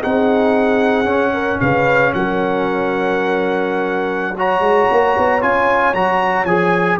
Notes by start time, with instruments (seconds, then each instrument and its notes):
0.00 tuba C4, trombone D#4, horn G#4, trumpet F#5
1.04 tuba C#4, trombone C#4
1.33 horn A#4
1.61 tuba C#3, horn B4, trumpet F5
2.14 tuba F#3, horn A#4, trumpet F#5
4.36 trombone F#4, horn C#5, trumpet A#5
4.60 tuba G#3
4.91 tuba A#3
5.18 tuba B3
5.41 tuba C#4, trombone F4, trumpet G#5
5.94 tuba F#3, trombone F#4, trumpet A#5
6.45 tuba F3, trombone G#4, trumpet G#5